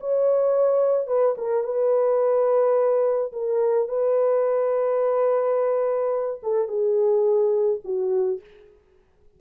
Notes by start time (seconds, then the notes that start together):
0.00 C#5
1.07 B4
1.37 A#4
1.63 B4
3.32 A#4
3.88 B4
6.43 A4
6.68 G#4
7.84 F#4